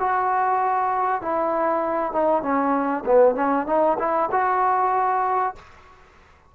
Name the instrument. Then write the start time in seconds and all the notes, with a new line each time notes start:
trombone
0.00 F#4
1.21 E4
2.13 D#4
2.42 C#4
3.06 B3
3.35 C#4
3.67 D#4
3.99 E4
4.32 F#4